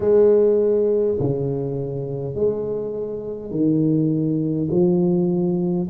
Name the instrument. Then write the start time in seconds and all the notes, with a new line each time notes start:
tuba
0.00 G#3
1.19 C#3
2.34 G#3
3.50 D#3
4.71 F3